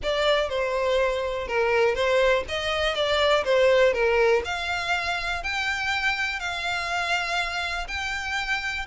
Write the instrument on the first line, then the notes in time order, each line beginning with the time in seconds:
violin
0.02 D5
0.49 C5
1.47 A#4
1.94 C5
2.48 D#5
2.94 D5
3.44 C5
3.93 A#4
4.44 F5
5.43 G5
6.39 F5
7.87 G5